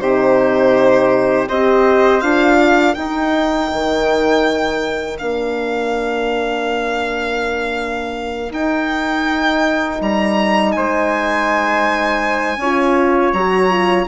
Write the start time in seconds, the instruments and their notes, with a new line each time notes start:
0.00 bassoon C3, horn D#4, trumpet G4, violin C5
1.48 bassoon C4, horn G4, trumpet C5, violin D#5
2.21 bassoon D4, horn F4, violin F5
2.59 trumpet A#4
2.94 bassoon D#4, horn D#4, violin G5
3.72 bassoon D#3
5.18 bassoon A#3, horn D4, violin F5
8.50 horn D#4, bassoon D#4, violin G5
10.00 bassoon G3, violin A#5
10.72 bassoon G#3, trumpet C5, violin G#5
12.56 bassoon C#4, horn F4, trumpet C#5
13.32 bassoon F#3, horn F#4, violin A#5
13.70 horn F4